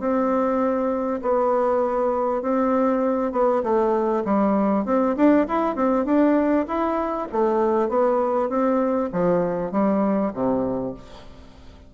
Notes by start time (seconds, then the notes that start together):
0.00 C4
1.22 B3
2.42 C4
3.32 B3
3.63 A3
4.25 G3
4.85 C4
5.17 D4
5.48 E4
5.76 C4
6.06 D4
6.68 E4
7.32 A3
7.89 B3
8.49 C4
9.13 F3
9.72 G3
10.34 C3